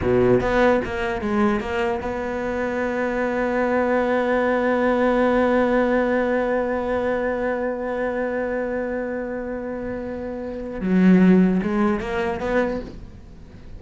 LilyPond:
\new Staff \with { instrumentName = "cello" } { \time 4/4 \tempo 4 = 150 b,4 b4 ais4 gis4 | ais4 b2.~ | b1~ | b1~ |
b1~ | b1~ | b2. fis4~ | fis4 gis4 ais4 b4 | }